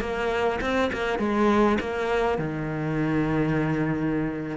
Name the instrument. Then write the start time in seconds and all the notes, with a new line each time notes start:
cello
0.00 A#3
0.60 C4
0.92 A#3
1.18 G#3
1.80 A#3
2.38 D#3